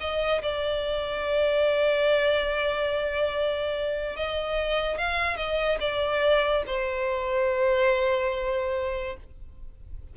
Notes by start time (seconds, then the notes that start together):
0.00 D#5
0.42 D5
4.16 D#5
4.98 F5
5.37 D#5
5.80 D5
6.67 C5